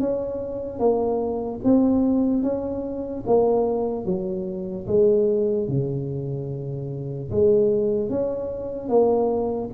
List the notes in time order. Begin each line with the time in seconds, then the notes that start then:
0.00 C#4
0.79 A#3
1.64 C4
2.43 C#4
3.27 A#3
4.05 F#3
4.87 G#3
5.68 C#3
7.31 G#3
8.09 C#4
8.89 A#3